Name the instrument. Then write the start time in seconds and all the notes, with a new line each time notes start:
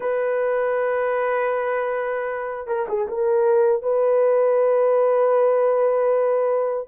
horn
0.00 B4
2.67 A#4
2.88 G#4
3.08 A#4
3.82 B4